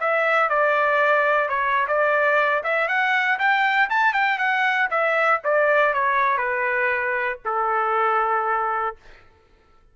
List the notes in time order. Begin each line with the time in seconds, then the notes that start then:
0.00 E5
0.49 D5
1.49 C#5
1.88 D5
2.64 E5
2.88 F#5
3.39 G5
3.90 A5
4.13 G5
4.38 F#5
4.90 E5
5.44 D5
5.94 C#5
6.38 B4
7.45 A4